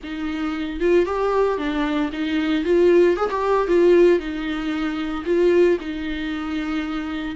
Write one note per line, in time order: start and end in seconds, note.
0.03 0.80 D#4
0.80 1.05 F4
1.05 1.58 G4
1.58 2.10 D4
2.12 2.64 D#4
2.64 3.16 F4
3.16 3.29 G#4
3.30 3.67 G4
3.67 4.19 F4
4.19 5.24 D#4
5.25 5.78 F4
5.80 7.35 D#4